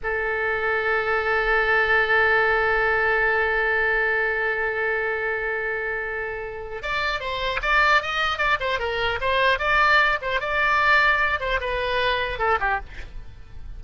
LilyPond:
\new Staff \with { instrumentName = "oboe" } { \time 4/4 \tempo 4 = 150 a'1~ | a'1~ | a'1~ | a'1~ |
a'4 d''4 c''4 d''4 | dis''4 d''8 c''8 ais'4 c''4 | d''4. c''8 d''2~ | d''8 c''8 b'2 a'8 g'8 | }